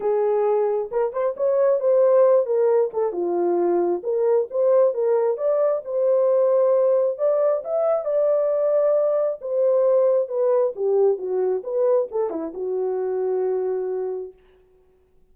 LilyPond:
\new Staff \with { instrumentName = "horn" } { \time 4/4 \tempo 4 = 134 gis'2 ais'8 c''8 cis''4 | c''4. ais'4 a'8 f'4~ | f'4 ais'4 c''4 ais'4 | d''4 c''2. |
d''4 e''4 d''2~ | d''4 c''2 b'4 | g'4 fis'4 b'4 a'8 e'8 | fis'1 | }